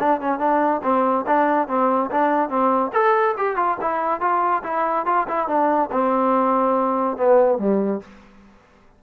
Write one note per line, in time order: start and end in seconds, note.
0.00 0.21 D4
0.21 0.40 C#4
0.40 0.82 D4
0.84 1.26 C4
1.27 1.68 D4
1.68 2.10 C4
2.11 2.49 D4
2.49 2.92 C4
2.93 3.36 A4
3.38 3.57 G4
3.57 3.78 F4
3.81 4.21 E4
4.21 4.63 F4
4.64 5.06 E4
5.06 5.27 F4
5.28 5.48 E4
5.48 5.90 D4
5.92 7.17 C4
7.17 7.59 B3
7.59 8.01 G3